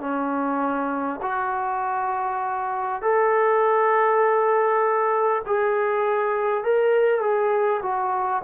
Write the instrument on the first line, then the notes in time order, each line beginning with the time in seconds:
trombone
0.00 C#4
1.22 F#4
3.02 A4
5.45 G#4
6.64 A#4
7.21 G#4
7.82 F#4